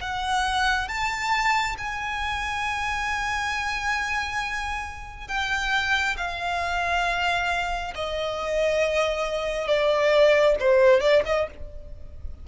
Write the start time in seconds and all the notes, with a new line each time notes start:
0.00 F#5
0.88 A5
1.77 G#5
5.28 G5
6.17 F5
7.95 D#5
9.67 D5
10.59 C5
11.00 D5
11.25 D#5